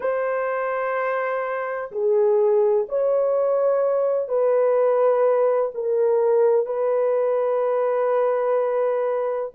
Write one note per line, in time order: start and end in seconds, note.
0.00 1.90 C5
1.91 2.86 G#4
2.88 4.28 C#5
4.28 5.71 B4
5.74 6.66 A#4
6.66 9.52 B4